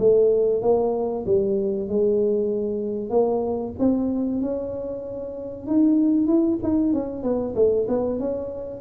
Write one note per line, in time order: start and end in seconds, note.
0.00 0.62 A3
0.62 1.25 A#3
1.26 1.89 G3
1.89 3.10 G#3
3.10 3.73 A#3
3.79 4.42 C4
4.42 5.67 C#4
5.67 6.28 D#4
6.28 6.59 E4
6.63 6.94 D#4
6.94 7.23 C#4
7.23 7.55 B3
7.56 7.87 A3
7.89 8.20 B3
8.20 8.81 C#4